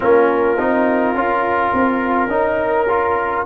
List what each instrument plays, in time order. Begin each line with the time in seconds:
0.00 tuba A#3, trombone C#4, horn F4, trumpet A#4
0.57 tuba C4, trombone D#4
1.14 tuba C#4, trombone F4
1.73 tuba C4
2.26 tuba C#4, trombone D#4, horn A#4
2.88 trombone F4